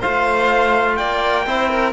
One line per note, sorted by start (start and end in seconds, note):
0.00 1.01 A3
0.00 1.46 F4
0.00 0.96 C5
0.00 0.96 F5
0.96 1.46 A#3
0.96 1.46 D5
0.96 1.92 G5
1.46 1.92 C4
1.46 1.92 E4
1.46 1.70 C5
1.70 1.92 A#4